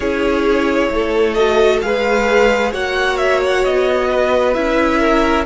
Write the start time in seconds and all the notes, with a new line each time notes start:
0.00 C#4 E4 G#4 C#5
0.90 A3 A4
1.34 F#4 D#5
1.81 G#3 G#4 B4 F5
2.71 A#3 F#4 C#5 F#5
3.17 E5
3.45 F#5
3.64 B3 D#5
4.10 B4
4.53 C#4 E4 E5
4.98 A#4